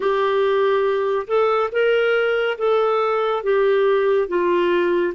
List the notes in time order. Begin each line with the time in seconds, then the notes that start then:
0.00 G4
1.27 A4
1.71 A#4
2.58 A4
3.43 G4
4.28 F4